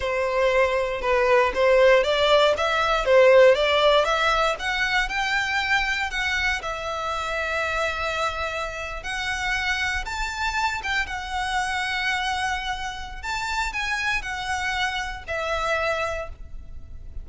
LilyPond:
\new Staff \with { instrumentName = "violin" } { \time 4/4 \tempo 4 = 118 c''2 b'4 c''4 | d''4 e''4 c''4 d''4 | e''4 fis''4 g''2 | fis''4 e''2.~ |
e''4.~ e''16 fis''2 a''16~ | a''4~ a''16 g''8 fis''2~ fis''16~ | fis''2 a''4 gis''4 | fis''2 e''2 | }